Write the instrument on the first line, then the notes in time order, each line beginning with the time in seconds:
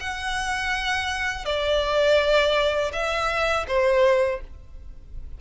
violin
0.00 F#5
1.45 D5
2.93 E5
3.68 C5